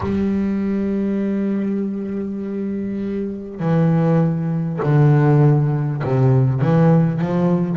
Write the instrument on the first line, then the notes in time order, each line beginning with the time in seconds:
double bass
0.00 G3
3.59 E3
4.82 D3
6.03 C3
6.61 E3
7.21 F3